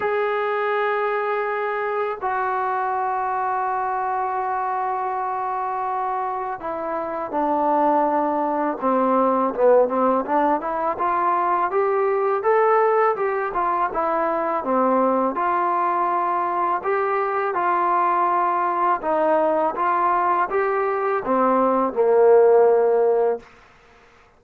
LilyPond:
\new Staff \with { instrumentName = "trombone" } { \time 4/4 \tempo 4 = 82 gis'2. fis'4~ | fis'1~ | fis'4 e'4 d'2 | c'4 b8 c'8 d'8 e'8 f'4 |
g'4 a'4 g'8 f'8 e'4 | c'4 f'2 g'4 | f'2 dis'4 f'4 | g'4 c'4 ais2 | }